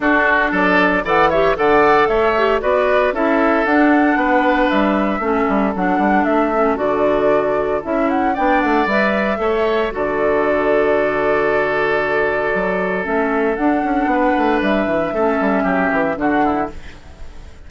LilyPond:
<<
  \new Staff \with { instrumentName = "flute" } { \time 4/4 \tempo 4 = 115 a'4 d''4 fis''8 e''8 fis''4 | e''4 d''4 e''4 fis''4~ | fis''4 e''2 fis''4 | e''4 d''2 e''8 fis''8 |
g''8 fis''8 e''2 d''4~ | d''1~ | d''4 e''4 fis''2 | e''2. fis''4 | }
  \new Staff \with { instrumentName = "oboe" } { \time 4/4 fis'4 a'4 d''8 cis''8 d''4 | cis''4 b'4 a'2 | b'2 a'2~ | a'1 |
d''2 cis''4 a'4~ | a'1~ | a'2. b'4~ | b'4 a'4 g'4 fis'8 e'8 | }
  \new Staff \with { instrumentName = "clarinet" } { \time 4/4 d'2 a'8 g'8 a'4~ | a'8 g'8 fis'4 e'4 d'4~ | d'2 cis'4 d'4~ | d'8 cis'8 fis'2 e'4 |
d'4 b'4 a'4 fis'4~ | fis'1~ | fis'4 cis'4 d'2~ | d'4 cis'2 d'4 | }
  \new Staff \with { instrumentName = "bassoon" } { \time 4/4 d'4 fis4 e4 d4 | a4 b4 cis'4 d'4 | b4 g4 a8 g8 fis8 g8 | a4 d2 cis'4 |
b8 a8 g4 a4 d4~ | d1 | fis4 a4 d'8 cis'8 b8 a8 | g8 e8 a8 g8 fis8 e8 d4 | }
>>